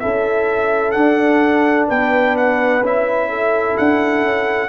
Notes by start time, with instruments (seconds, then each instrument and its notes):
0.00 tuba C#4, trombone E4, horn A4, trumpet E5
0.92 trombone D4, tuba D4, trumpet F#5
1.88 tuba B3, horn B4, trumpet G5
2.37 trumpet F#5
2.81 tuba C#4, trombone E4, trumpet E5
3.30 horn A4
3.78 tuba D4, trumpet F#5
4.22 tuba C#4